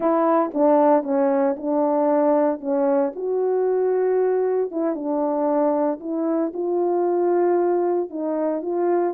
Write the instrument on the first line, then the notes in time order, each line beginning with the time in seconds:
horn
0.00 E4
0.54 D4
1.03 C#4
1.56 D4
2.60 C#4
3.15 F#4
4.71 E4
4.95 D4
6.00 E4
6.53 F4
8.10 D#4
8.62 F4